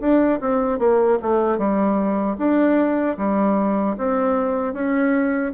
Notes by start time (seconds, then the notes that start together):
0.00 D4
0.40 C4
0.79 A#3
1.22 A3
1.58 G3
2.38 D4
3.17 G3
3.98 C4
4.73 C#4